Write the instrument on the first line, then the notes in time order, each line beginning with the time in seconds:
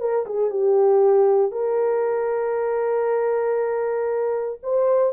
horn
0.00 A#4
0.26 G#4
0.50 G4
1.52 A#4
4.63 C5